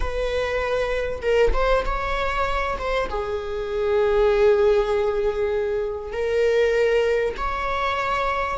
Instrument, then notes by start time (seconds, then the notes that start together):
viola
0.00 B4
1.21 A#4
1.53 C5
1.85 C#5
2.78 C5
3.09 G#4
6.12 A#4
7.37 C#5